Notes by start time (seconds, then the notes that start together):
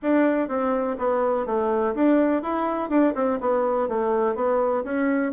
0.02 D4
0.48 C4
0.98 B3
1.46 A3
1.94 D4
2.42 E4
2.89 D4
3.15 C4
3.40 B3
3.88 A3
4.35 B3
4.84 C#4